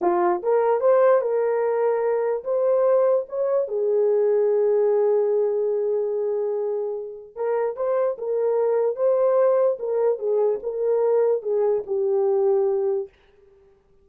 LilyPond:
\new Staff \with { instrumentName = "horn" } { \time 4/4 \tempo 4 = 147 f'4 ais'4 c''4 ais'4~ | ais'2 c''2 | cis''4 gis'2.~ | gis'1~ |
gis'2 ais'4 c''4 | ais'2 c''2 | ais'4 gis'4 ais'2 | gis'4 g'2. | }